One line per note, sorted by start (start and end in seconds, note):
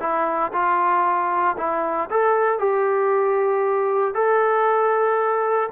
0.00 0.52 E4
0.53 1.56 F4
1.58 2.09 E4
2.10 2.59 A4
2.59 4.14 G4
4.14 5.69 A4